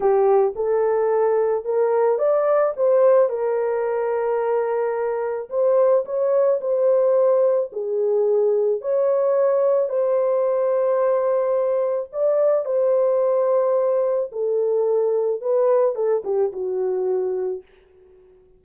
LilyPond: \new Staff \with { instrumentName = "horn" } { \time 4/4 \tempo 4 = 109 g'4 a'2 ais'4 | d''4 c''4 ais'2~ | ais'2 c''4 cis''4 | c''2 gis'2 |
cis''2 c''2~ | c''2 d''4 c''4~ | c''2 a'2 | b'4 a'8 g'8 fis'2 | }